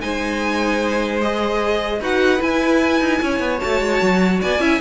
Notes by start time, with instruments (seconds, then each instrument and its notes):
0.00 cello G#3, viola D#4, violin C5 G#5
1.20 viola G#4, violin D#5
1.99 cello D#4, viola F#4, violin B4 F#5
2.38 viola E4, cello E4, violin G#5
3.00 cello D#4
3.22 cello C#4, violin C#5
3.39 cello B3
3.60 cello A3, viola F#4, violin A5
3.80 cello G#3
4.01 cello F#3
4.41 cello B3, violin D5 G#5
4.59 cello C#4, viola E4, violin E5